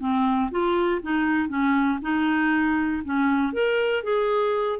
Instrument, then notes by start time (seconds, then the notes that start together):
clarinet
0.00 C4
0.51 F4
1.02 D#4
1.49 C#4
2.02 D#4
3.05 C#4
3.53 A#4
4.04 G#4